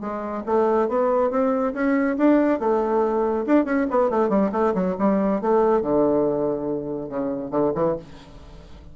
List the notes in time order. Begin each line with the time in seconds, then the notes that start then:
0.00 G#3
0.46 A3
0.88 B3
1.30 C4
1.73 C#4
2.17 D4
2.59 A3
3.46 D4
3.65 C#4
3.90 B3
4.10 A3
4.29 G3
4.52 A3
4.74 F#3
4.99 G3
5.41 A3
5.81 D3
7.09 C#3
7.51 D3
7.75 E3